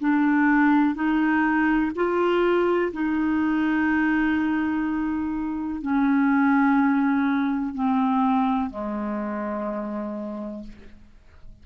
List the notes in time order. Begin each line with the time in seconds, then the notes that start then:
0.00 D4
0.95 D#4
1.95 F4
2.93 D#4
5.82 C#4
7.75 C4
8.70 G#3